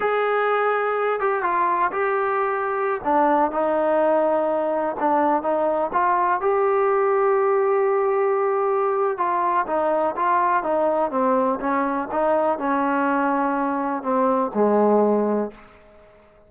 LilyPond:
\new Staff \with { instrumentName = "trombone" } { \time 4/4 \tempo 4 = 124 gis'2~ gis'8 g'8 f'4 | g'2~ g'16 d'4 dis'8.~ | dis'2~ dis'16 d'4 dis'8.~ | dis'16 f'4 g'2~ g'8.~ |
g'2. f'4 | dis'4 f'4 dis'4 c'4 | cis'4 dis'4 cis'2~ | cis'4 c'4 gis2 | }